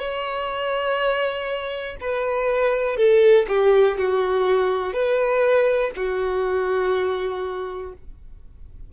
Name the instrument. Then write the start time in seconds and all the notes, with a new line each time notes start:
violin
0.00 C#5
2.01 B4
2.97 A4
3.49 G4
3.98 F#4
4.94 B4
5.96 F#4